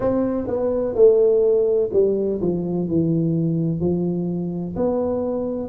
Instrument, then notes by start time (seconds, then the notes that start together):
tuba
0.00 C4
0.47 B3
0.94 A3
1.92 G3
2.41 F3
2.88 E3
3.80 F3
4.76 B3